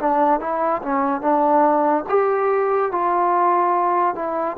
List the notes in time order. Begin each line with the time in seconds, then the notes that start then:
0.00 D4
0.41 E4
0.83 C#4
1.22 D4
2.09 G4
2.92 F4
4.16 E4